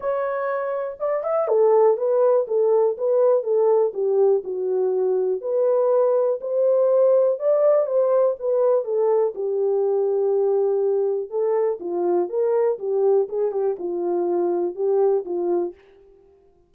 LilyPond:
\new Staff \with { instrumentName = "horn" } { \time 4/4 \tempo 4 = 122 cis''2 d''8 e''8 a'4 | b'4 a'4 b'4 a'4 | g'4 fis'2 b'4~ | b'4 c''2 d''4 |
c''4 b'4 a'4 g'4~ | g'2. a'4 | f'4 ais'4 g'4 gis'8 g'8 | f'2 g'4 f'4 | }